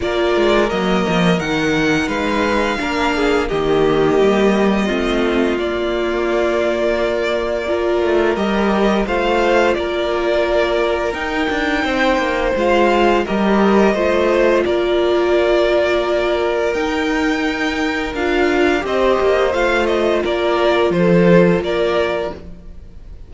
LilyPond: <<
  \new Staff \with { instrumentName = "violin" } { \time 4/4 \tempo 4 = 86 d''4 dis''4 fis''4 f''4~ | f''4 dis''2. | d''1 | dis''4 f''4 d''2 |
g''2 f''4 dis''4~ | dis''4 d''2. | g''2 f''4 dis''4 | f''8 dis''8 d''4 c''4 d''4 | }
  \new Staff \with { instrumentName = "violin" } { \time 4/4 ais'2. b'4 | ais'8 gis'8 g'2 f'4~ | f'2. ais'4~ | ais'4 c''4 ais'2~ |
ais'4 c''2 ais'4 | c''4 ais'2.~ | ais'2. c''4~ | c''4 ais'4 a'4 ais'4 | }
  \new Staff \with { instrumentName = "viola" } { \time 4/4 f'4 ais4 dis'2 | d'4 ais2 c'4 | ais2. f'4 | g'4 f'2. |
dis'2 f'4 g'4 | f'1 | dis'2 f'4 g'4 | f'1 | }
  \new Staff \with { instrumentName = "cello" } { \time 4/4 ais8 gis8 fis8 f8 dis4 gis4 | ais4 dis4 g4 a4 | ais2.~ ais8 a8 | g4 a4 ais2 |
dis'8 d'8 c'8 ais8 gis4 g4 | a4 ais2. | dis'2 d'4 c'8 ais8 | a4 ais4 f4 ais4 | }
>>